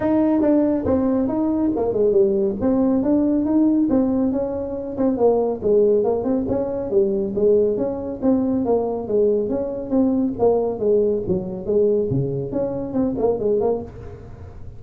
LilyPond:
\new Staff \with { instrumentName = "tuba" } { \time 4/4 \tempo 4 = 139 dis'4 d'4 c'4 dis'4 | ais8 gis8 g4 c'4 d'4 | dis'4 c'4 cis'4. c'8 | ais4 gis4 ais8 c'8 cis'4 |
g4 gis4 cis'4 c'4 | ais4 gis4 cis'4 c'4 | ais4 gis4 fis4 gis4 | cis4 cis'4 c'8 ais8 gis8 ais8 | }